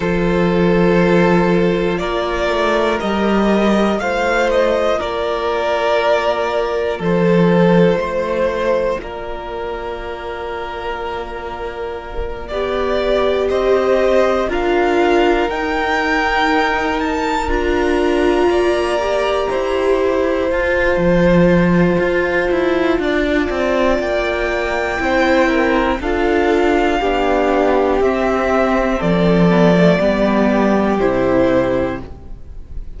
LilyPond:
<<
  \new Staff \with { instrumentName = "violin" } { \time 4/4 \tempo 4 = 60 c''2 d''4 dis''4 | f''8 dis''8 d''2 c''4~ | c''4 d''2.~ | d''4. dis''4 f''4 g''8~ |
g''4 a''8 ais''2~ ais''8~ | ais''8 a''2.~ a''8 | g''2 f''2 | e''4 d''2 c''4 | }
  \new Staff \with { instrumentName = "violin" } { \time 4/4 a'2 ais'2 | c''4 ais'2 a'4 | c''4 ais'2.~ | ais'8 d''4 c''4 ais'4.~ |
ais'2~ ais'8 d''4 c''8~ | c''2. d''4~ | d''4 c''8 ais'8 a'4 g'4~ | g'4 a'4 g'2 | }
  \new Staff \with { instrumentName = "viola" } { \time 4/4 f'2. g'4 | f'1~ | f'1~ | f'8 g'2 f'4 dis'8~ |
dis'4. f'4. g'4~ | g'8 f'2.~ f'8~ | f'4 e'4 f'4 d'4 | c'4. b16 a16 b4 e'4 | }
  \new Staff \with { instrumentName = "cello" } { \time 4/4 f2 ais8 a8 g4 | a4 ais2 f4 | a4 ais2.~ | ais8 b4 c'4 d'4 dis'8~ |
dis'4. d'4 ais4 e'8~ | e'8 f'8 f4 f'8 e'8 d'8 c'8 | ais4 c'4 d'4 b4 | c'4 f4 g4 c4 | }
>>